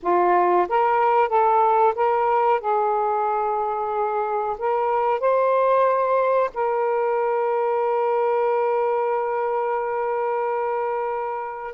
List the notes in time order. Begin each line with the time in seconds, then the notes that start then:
0.02 F4
0.68 A#4
1.28 A4
1.95 A#4
2.60 G#4
4.58 A#4
5.19 C5
6.54 A#4